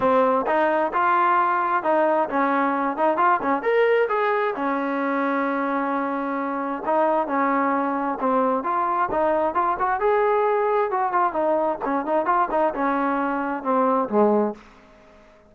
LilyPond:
\new Staff \with { instrumentName = "trombone" } { \time 4/4 \tempo 4 = 132 c'4 dis'4 f'2 | dis'4 cis'4. dis'8 f'8 cis'8 | ais'4 gis'4 cis'2~ | cis'2. dis'4 |
cis'2 c'4 f'4 | dis'4 f'8 fis'8 gis'2 | fis'8 f'8 dis'4 cis'8 dis'8 f'8 dis'8 | cis'2 c'4 gis4 | }